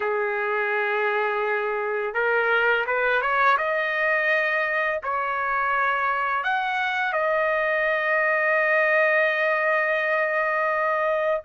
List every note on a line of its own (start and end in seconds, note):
0.00 2.14 G#4
2.14 2.85 A#4
2.86 3.21 B4
3.21 3.57 C#5
3.57 5.00 D#5
5.03 6.43 C#5
6.43 7.12 F#5
7.12 11.41 D#5